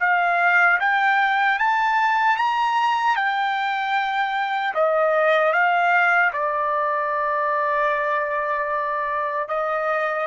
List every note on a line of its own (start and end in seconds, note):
0.00 0.79 F5
0.80 1.59 G5
1.59 2.37 A5
2.37 3.16 A#5
3.16 4.74 G5
4.74 5.53 D#5
5.53 6.32 F5
6.33 9.48 D5
9.48 10.27 D#5